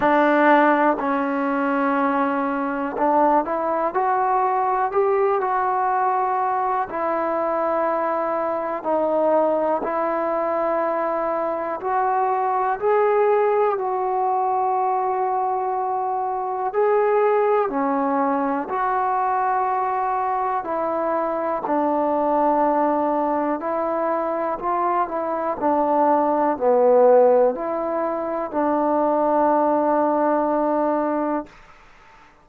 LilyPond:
\new Staff \with { instrumentName = "trombone" } { \time 4/4 \tempo 4 = 61 d'4 cis'2 d'8 e'8 | fis'4 g'8 fis'4. e'4~ | e'4 dis'4 e'2 | fis'4 gis'4 fis'2~ |
fis'4 gis'4 cis'4 fis'4~ | fis'4 e'4 d'2 | e'4 f'8 e'8 d'4 b4 | e'4 d'2. | }